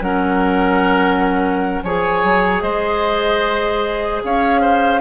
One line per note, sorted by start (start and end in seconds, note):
0.00 1.80 F#3
0.00 1.84 C#4
0.00 1.83 A#4
0.00 1.82 F#5
1.83 2.23 F3
1.83 5.01 G#4
1.83 2.63 C#5
1.83 2.61 G#5
2.23 2.62 F#3
2.61 4.22 G#3
2.61 4.23 C5
2.61 4.21 D#5
4.23 5.01 C#4
4.23 4.61 C#5
4.23 5.01 F5
4.61 5.01 C5